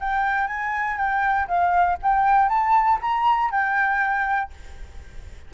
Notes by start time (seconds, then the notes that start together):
0.00 G5
0.47 G#5
0.97 G5
1.47 F5
2.02 G5
2.48 A5
3.01 A#5
3.50 G5